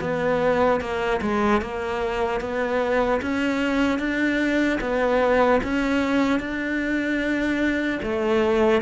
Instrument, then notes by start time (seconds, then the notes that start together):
cello
0.00 B3
0.80 A#3
1.21 G#3
1.61 A#3
2.40 B3
3.21 C#4
3.99 D4
4.80 B3
5.63 C#4
6.40 D4
8.03 A3